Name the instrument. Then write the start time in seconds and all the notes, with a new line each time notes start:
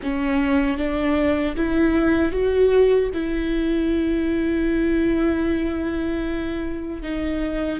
viola
0.02 C#4
0.77 D4
1.56 E4
2.32 F#4
3.13 E4
7.02 D#4